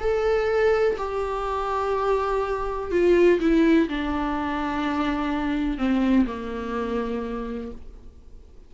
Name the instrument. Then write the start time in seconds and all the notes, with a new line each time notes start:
viola
0.00 A4
0.98 G4
2.91 F4
3.40 E4
3.89 D4
5.78 C4
6.26 A#3